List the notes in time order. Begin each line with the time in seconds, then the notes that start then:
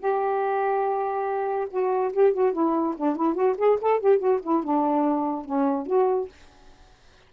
0.00 G4
1.71 F#4
2.13 G4
2.34 F#4
2.53 E4
2.97 D4
3.17 E4
3.35 F#4
3.58 G#4
3.82 A4
4.01 G4
4.19 F#4
4.43 E4
4.64 D4
5.46 C#4
5.87 F#4